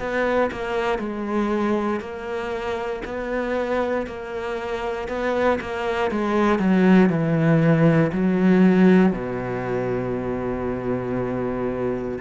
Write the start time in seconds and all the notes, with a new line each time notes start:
0.00 B3
0.52 A#3
0.99 G#3
2.01 A#3
3.05 B3
4.07 A#3
5.08 B3
5.61 A#3
6.12 G#3
6.60 F#3
7.10 E3
8.13 F#3
9.13 B2